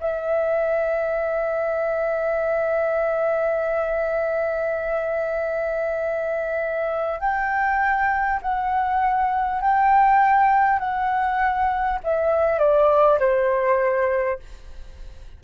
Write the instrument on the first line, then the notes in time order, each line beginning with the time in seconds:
flute
0.00 E5
7.20 G5
8.42 F#5
9.61 G5
10.79 F#5
12.03 E5
12.58 D5
13.19 C5